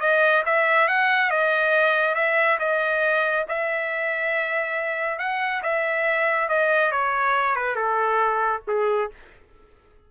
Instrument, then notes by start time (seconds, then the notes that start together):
trumpet
0.00 D#5
0.46 E5
0.88 F#5
1.30 D#5
2.15 E5
2.59 D#5
3.48 E5
5.19 F#5
5.63 E5
6.49 D#5
6.91 C#5
7.55 B4
7.75 A4
8.67 G#4